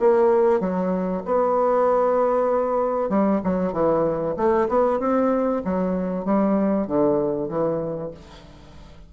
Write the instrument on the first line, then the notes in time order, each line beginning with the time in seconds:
bassoon
0.00 A#3
0.60 F#3
1.26 B3
3.10 G3
3.44 F#3
3.73 E3
4.37 A3
4.69 B3
5.00 C4
5.65 F#3
6.25 G3
6.87 D3
7.49 E3